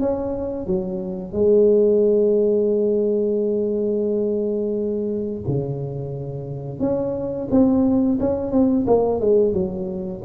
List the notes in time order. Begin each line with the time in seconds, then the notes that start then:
0.00 C#4
0.67 F#3
1.33 G#3
5.48 C#3
6.80 C#4
7.51 C4
8.20 C#4
8.52 C4
8.87 A#3
9.20 G#3
9.53 F#3